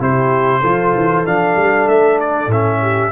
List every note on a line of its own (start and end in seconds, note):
0.00 0.62 C3
0.00 0.62 E4
0.00 0.61 G4
0.00 1.26 C5
0.61 0.95 F3
0.61 1.25 F4
0.61 2.80 A4
0.95 1.26 E3
1.25 1.56 F3
1.25 2.50 D4
1.25 1.88 F5
1.56 1.88 G3
1.88 2.47 A3
1.88 2.19 E5
2.20 2.51 D5
2.47 3.10 A2
2.47 3.12 C#4
2.47 3.12 E5
2.81 3.12 G4